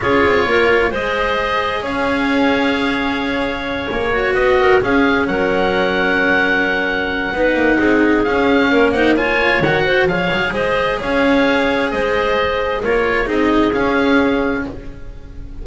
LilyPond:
<<
  \new Staff \with { instrumentName = "oboe" } { \time 4/4 \tempo 4 = 131 cis''2 dis''2 | f''1~ | f''8 cis''4 dis''4 f''4 fis''8~ | fis''1~ |
fis''2 f''4. fis''8 | gis''4 fis''4 f''4 dis''4 | f''2 dis''2 | cis''4 dis''4 f''2 | }
  \new Staff \with { instrumentName = "clarinet" } { \time 4/4 gis'4 ais'4 c''2 | cis''1~ | cis''4. b'8 ais'8 gis'4 ais'8~ | ais'1 |
b'4 gis'2 ais'8 c''8 | cis''4. c''8 cis''4 c''4 | cis''2 c''2 | ais'4 gis'2. | }
  \new Staff \with { instrumentName = "cello" } { \time 4/4 f'2 gis'2~ | gis'1~ | gis'4 fis'4. cis'4.~ | cis'1 |
dis'2 cis'4. dis'8 | f'4 fis'4 gis'2~ | gis'1 | f'4 dis'4 cis'2 | }
  \new Staff \with { instrumentName = "double bass" } { \time 4/4 cis'8 c'8 ais4 gis2 | cis'1~ | cis'8 ais4 b4 cis'4 fis8~ | fis1 |
b8 ais8 c'4 cis'4 ais4~ | ais4 dis4 f8 fis8 gis4 | cis'2 gis2 | ais4 c'4 cis'2 | }
>>